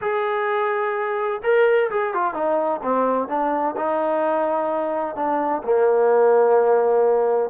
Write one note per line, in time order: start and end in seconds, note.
0.01 1.41 G#4
1.43 1.90 A#4
1.90 2.13 G#4
2.13 2.34 F4
2.34 2.80 D#4
2.83 3.28 C4
3.28 3.75 D4
3.76 5.15 D#4
5.15 5.62 D4
5.63 7.49 A#3